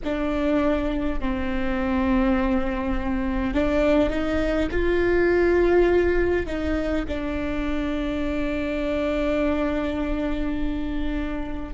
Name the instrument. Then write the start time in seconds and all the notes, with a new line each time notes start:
viola
0.04 D4
1.20 C4
3.53 D4
4.09 D#4
4.71 F4
6.46 D#4
7.07 D4